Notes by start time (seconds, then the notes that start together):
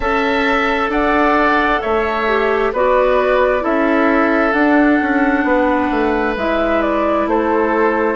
0.00 C#4 A4 E5 A5
0.88 D4 D5 F#5
1.81 A3 C#5 E5
2.28 G4
2.72 B3 F#4 B4 D5
3.60 C#4 E4 A4 E5
4.52 D4 F#5
5.01 C#4
5.44 B3 B4
5.90 A3
6.36 G#3 E4 E5
6.81 D5
7.26 A3 A4 C5